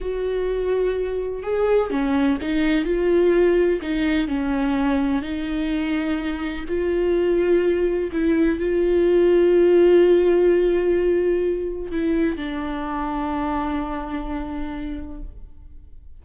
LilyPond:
\new Staff \with { instrumentName = "viola" } { \time 4/4 \tempo 4 = 126 fis'2. gis'4 | cis'4 dis'4 f'2 | dis'4 cis'2 dis'4~ | dis'2 f'2~ |
f'4 e'4 f'2~ | f'1~ | f'4 e'4 d'2~ | d'1 | }